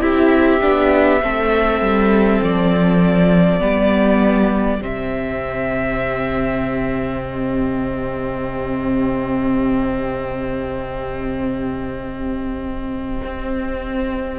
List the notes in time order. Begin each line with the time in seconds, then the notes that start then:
0.00 C4 E4 G4 E5
0.61 B3 D4
1.22 A3 C4 A4
1.81 G3
2.43 F3 D5
3.60 G3 B3 G4
4.81 C3 C4 E5
7.22 D#5
13.25 C4